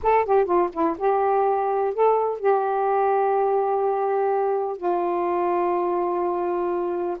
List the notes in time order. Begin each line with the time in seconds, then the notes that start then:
0.02 A4
0.25 G4
0.45 F4
0.72 E4
0.98 G4
1.94 A4
2.39 G4
4.77 F4